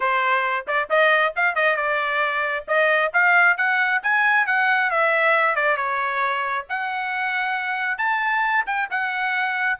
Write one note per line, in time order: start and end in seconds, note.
0.00 0.65 C5
0.67 0.89 D5
0.89 1.34 D#5
1.36 1.55 F5
1.55 1.76 D#5
1.76 2.65 D5
2.67 3.12 D#5
3.13 3.57 F5
3.57 4.01 F#5
4.02 4.46 G#5
4.46 4.90 F#5
4.90 5.55 E5
5.55 5.76 D5
5.76 6.65 C#5
6.69 7.98 F#5
7.98 8.64 A5
8.66 8.88 G5
8.90 9.79 F#5